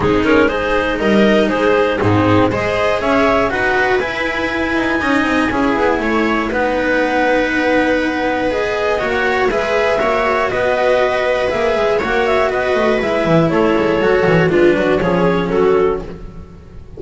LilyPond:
<<
  \new Staff \with { instrumentName = "clarinet" } { \time 4/4 \tempo 4 = 120 gis'8 ais'8 c''4 dis''4 c''4 | gis'4 dis''4 e''4 fis''4 | gis''1~ | gis''4 fis''2.~ |
fis''4 dis''4~ dis''16 fis''8. e''4~ | e''4 dis''2 e''4 | fis''8 e''8 dis''4 e''4 cis''4~ | cis''4 b'4 cis''4 a'4 | }
  \new Staff \with { instrumentName = "viola" } { \time 4/4 dis'4 gis'4 ais'4 gis'4 | dis'4 c''4 cis''4 b'4~ | b'2 dis''4 gis'4 | cis''4 b'2.~ |
b'2 cis''4 b'4 | cis''4 b'2. | cis''4 b'2 a'4~ | a'4 f'8 fis'8 gis'4 fis'4 | }
  \new Staff \with { instrumentName = "cello" } { \time 4/4 c'8 cis'8 dis'2. | c'4 gis'2 fis'4 | e'2 dis'4 e'4~ | e'4 dis'2.~ |
dis'4 gis'4 fis'4 gis'4 | fis'2. gis'4 | fis'2 e'2 | fis'4 d'4 cis'2 | }
  \new Staff \with { instrumentName = "double bass" } { \time 4/4 gis2 g4 gis4 | gis,4 gis4 cis'4 dis'4 | e'4. dis'8 cis'8 c'8 cis'8 b8 | a4 b2.~ |
b2 ais4 gis4 | ais4 b2 ais8 gis8 | ais4 b8 a8 gis8 e8 a8 gis8 | fis8 e8 gis8 fis8 f4 fis4 | }
>>